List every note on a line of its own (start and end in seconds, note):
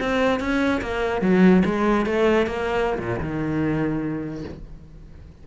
0.00 0.40 C4
0.40 0.81 C#4
0.82 1.22 A#3
1.22 1.63 F#3
1.65 2.06 G#3
2.06 2.47 A3
2.47 2.99 A#3
2.99 3.20 A#2
3.20 4.44 D#3